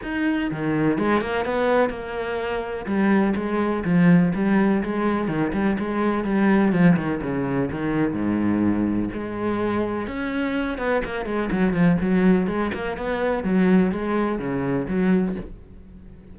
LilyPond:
\new Staff \with { instrumentName = "cello" } { \time 4/4 \tempo 4 = 125 dis'4 dis4 gis8 ais8 b4 | ais2 g4 gis4 | f4 g4 gis4 dis8 g8 | gis4 g4 f8 dis8 cis4 |
dis4 gis,2 gis4~ | gis4 cis'4. b8 ais8 gis8 | fis8 f8 fis4 gis8 ais8 b4 | fis4 gis4 cis4 fis4 | }